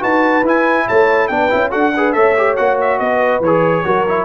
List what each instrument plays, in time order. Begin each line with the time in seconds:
0.00 tuba D#4, trombone F#4, horn B4, trumpet A5
0.43 tuba E4, trombone E4, trumpet G#5
0.87 tuba A3, horn C#5, trumpet A5
1.28 tuba B3, trombone D4, horn B4, trumpet G5
1.50 tuba C#4, trombone E4
1.70 tuba D4, trombone F#4, horn A4, trumpet F#5
1.96 trombone G#4, horn B4
2.13 tuba A3, trombone A4, horn C#5, trumpet E5
2.37 trombone G4
2.56 tuba A#3, trombone F#4, trumpet F#5
2.81 trumpet E5
2.99 tuba B3, horn B4, trumpet D#5
3.40 tuba E3, trombone G#4, trumpet C#5
3.85 tuba F#3, trombone F#4, horn A#4
4.08 trombone E4